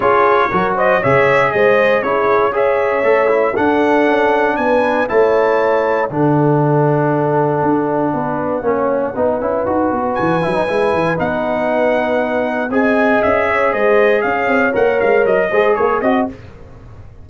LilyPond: <<
  \new Staff \with { instrumentName = "trumpet" } { \time 4/4 \tempo 4 = 118 cis''4. dis''8 e''4 dis''4 | cis''4 e''2 fis''4~ | fis''4 gis''4 a''2 | fis''1~ |
fis''1 | gis''2 fis''2~ | fis''4 gis''4 e''4 dis''4 | f''4 fis''8 f''8 dis''4 cis''8 dis''8 | }
  \new Staff \with { instrumentName = "horn" } { \time 4/4 gis'4 ais'8 c''8 cis''4 c''4 | gis'4 cis''2 a'4~ | a'4 b'4 cis''2 | a'1 |
b'4 cis''4 b'2~ | b'1~ | b'4 dis''4. cis''8 c''4 | cis''2~ cis''8 c''8 ais'8 dis''8 | }
  \new Staff \with { instrumentName = "trombone" } { \time 4/4 f'4 fis'4 gis'2 | e'4 gis'4 a'8 e'8 d'4~ | d'2 e'2 | d'1~ |
d'4 cis'4 dis'8 e'8 fis'4~ | fis'8 e'16 dis'16 e'4 dis'2~ | dis'4 gis'2.~ | gis'4 ais'4. gis'4 fis'8 | }
  \new Staff \with { instrumentName = "tuba" } { \time 4/4 cis'4 fis4 cis4 gis4 | cis'2 a4 d'4 | cis'4 b4 a2 | d2. d'4 |
b4 ais4 b8 cis'8 dis'8 b8 | e8 fis8 gis8 e8 b2~ | b4 c'4 cis'4 gis4 | cis'8 c'8 ais8 gis8 fis8 gis8 ais8 c'8 | }
>>